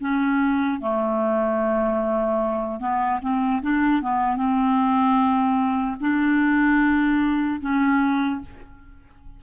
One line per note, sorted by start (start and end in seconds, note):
0.00 0.80 C#4
0.80 2.80 A3
2.80 3.20 B3
3.21 3.61 C4
3.61 4.01 D4
4.01 4.36 B3
4.36 5.96 C4
6.00 7.60 D4
7.60 8.40 C#4